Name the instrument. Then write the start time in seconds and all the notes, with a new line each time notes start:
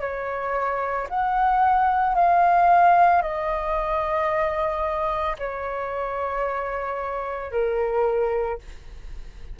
flute
0.00 C#5
1.09 F#5
2.15 F5
3.21 D#5
5.38 C#5
7.51 A#4